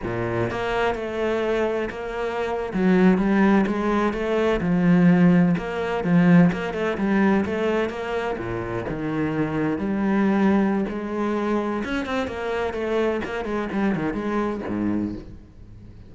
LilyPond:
\new Staff \with { instrumentName = "cello" } { \time 4/4 \tempo 4 = 127 ais,4 ais4 a2 | ais4.~ ais16 fis4 g4 gis16~ | gis8. a4 f2 ais16~ | ais8. f4 ais8 a8 g4 a16~ |
a8. ais4 ais,4 dis4~ dis16~ | dis8. g2~ g16 gis4~ | gis4 cis'8 c'8 ais4 a4 | ais8 gis8 g8 dis8 gis4 gis,4 | }